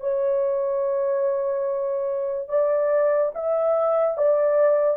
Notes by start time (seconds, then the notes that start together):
0.00 C#5
2.49 D5
3.34 E5
4.17 D5